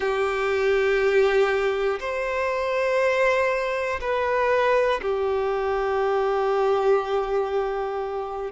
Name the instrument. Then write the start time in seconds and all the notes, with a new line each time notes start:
violin
0.00 G4
2.00 C5
4.00 B4
5.01 G4